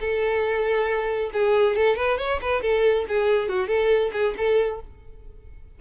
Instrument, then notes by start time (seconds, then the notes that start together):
violin
0.00 A4
1.33 G#4
1.76 A4
1.96 B4
2.18 C#5
2.41 B4
2.62 A4
3.08 G#4
3.48 F#4
3.67 A4
4.12 G#4
4.37 A4